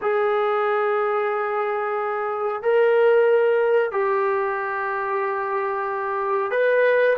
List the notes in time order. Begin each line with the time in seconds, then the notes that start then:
0.01 G#4
2.62 A#4
3.91 G4
6.51 B4